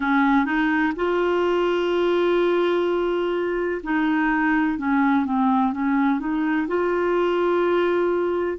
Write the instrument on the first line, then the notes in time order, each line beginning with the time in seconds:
clarinet
0.00 C#4
0.45 D#4
0.96 F4
3.83 D#4
4.78 C#4
5.25 C4
5.72 C#4
6.19 D#4
6.67 F4